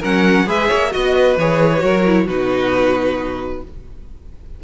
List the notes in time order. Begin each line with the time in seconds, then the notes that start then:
0.00 F#3 C#4 A#4 F#5
0.47 G#3 G#4 B4 E5
0.68 A#3 C#5
0.92 B3 F#4 D#5
1.16 B4
1.37 E3 G#4 C#5
1.79 F#3 F#4 A#4
2.06 E4
2.26 B2 D#4 F#4 B4